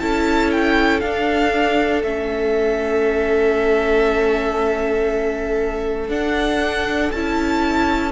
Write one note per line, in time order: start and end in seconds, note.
0.00 1.02 C#4
0.00 1.02 E4
0.00 8.12 A4
0.00 0.51 A5
0.51 1.00 G5
1.00 2.04 D4
1.00 2.03 D4
1.00 2.02 F5
2.03 6.09 A3
2.03 6.10 C#4
2.03 6.10 E5
6.09 7.11 D4
6.09 7.11 F#5
7.12 8.12 C#4
7.12 8.12 E4
7.12 8.12 A5